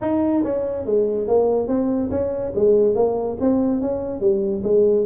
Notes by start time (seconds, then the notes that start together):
0.01 D#4
0.43 C#4
0.85 G#3
1.27 A#3
1.67 C4
2.10 C#4
2.55 G#3
2.95 A#3
3.40 C4
3.81 C#4
4.20 G3
4.63 G#3